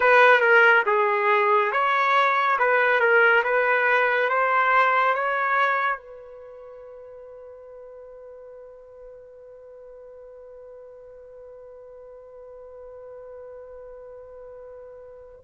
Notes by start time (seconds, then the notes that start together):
0.00 B4
0.40 A#4
0.86 G#4
1.71 C#5
2.58 B4
3.00 A#4
3.43 B4
4.29 C5
5.14 C#5
5.97 B4